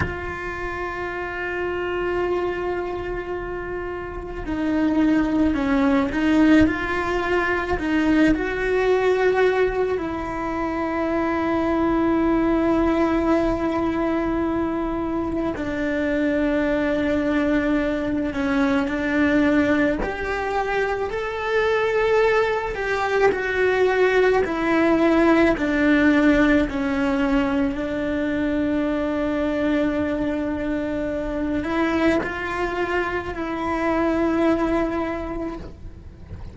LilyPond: \new Staff \with { instrumentName = "cello" } { \time 4/4 \tempo 4 = 54 f'1 | dis'4 cis'8 dis'8 f'4 dis'8 fis'8~ | fis'4 e'2.~ | e'2 d'2~ |
d'8 cis'8 d'4 g'4 a'4~ | a'8 g'8 fis'4 e'4 d'4 | cis'4 d'2.~ | d'8 e'8 f'4 e'2 | }